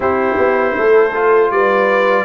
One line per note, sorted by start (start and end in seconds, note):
0.00 0.35 C4
0.00 1.11 E4
0.00 0.74 G4
0.00 1.51 C5
0.38 0.75 B3
0.77 1.50 A3
0.77 1.52 A4
1.14 2.24 F4
1.50 2.24 G3
1.50 2.24 B4
1.50 2.24 D5